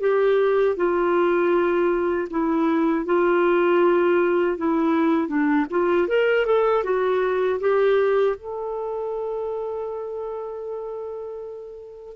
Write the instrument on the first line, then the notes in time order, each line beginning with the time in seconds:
clarinet
0.00 G4
0.76 F4
2.30 E4
3.05 F4
4.57 E4
5.28 D4
5.70 F4
6.08 A#4
6.46 A4
6.84 F#4
7.60 G4
8.36 A4